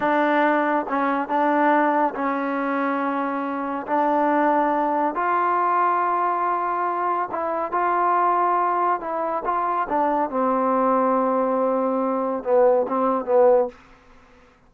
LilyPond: \new Staff \with { instrumentName = "trombone" } { \time 4/4 \tempo 4 = 140 d'2 cis'4 d'4~ | d'4 cis'2.~ | cis'4 d'2. | f'1~ |
f'4 e'4 f'2~ | f'4 e'4 f'4 d'4 | c'1~ | c'4 b4 c'4 b4 | }